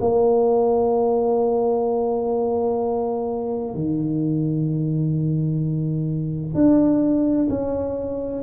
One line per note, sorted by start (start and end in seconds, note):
0.00 3.74 A#3
3.74 6.54 D#3
6.54 7.48 D4
7.50 8.42 C#4